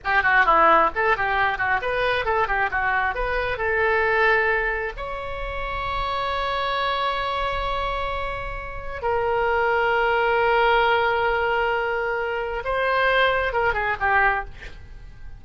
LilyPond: \new Staff \with { instrumentName = "oboe" } { \time 4/4 \tempo 4 = 133 g'8 fis'8 e'4 a'8 g'4 fis'8 | b'4 a'8 g'8 fis'4 b'4 | a'2. cis''4~ | cis''1~ |
cis''1 | ais'1~ | ais'1 | c''2 ais'8 gis'8 g'4 | }